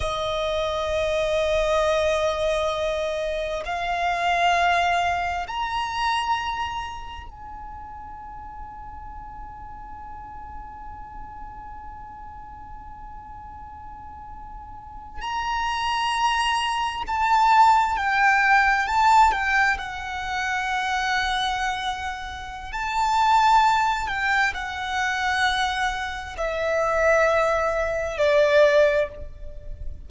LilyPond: \new Staff \with { instrumentName = "violin" } { \time 4/4 \tempo 4 = 66 dis''1 | f''2 ais''2 | gis''1~ | gis''1~ |
gis''8. ais''2 a''4 g''16~ | g''8. a''8 g''8 fis''2~ fis''16~ | fis''4 a''4. g''8 fis''4~ | fis''4 e''2 d''4 | }